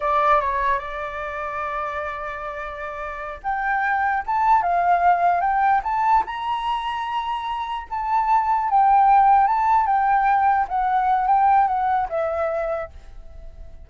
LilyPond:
\new Staff \with { instrumentName = "flute" } { \time 4/4 \tempo 4 = 149 d''4 cis''4 d''2~ | d''1~ | d''8 g''2 a''4 f''8~ | f''4. g''4 a''4 ais''8~ |
ais''2.~ ais''8 a''8~ | a''4. g''2 a''8~ | a''8 g''2 fis''4. | g''4 fis''4 e''2 | }